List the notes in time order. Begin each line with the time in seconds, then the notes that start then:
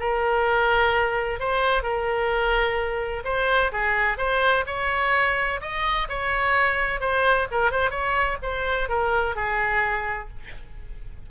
0.00 A#4
1.40 C5
1.83 A#4
3.25 C5
3.72 G#4
4.18 C5
4.67 C#5
5.62 D#5
6.09 C#5
7.01 C5
7.52 A#4
7.72 C5
7.91 C#5
8.43 C5
8.89 A#4
9.36 G#4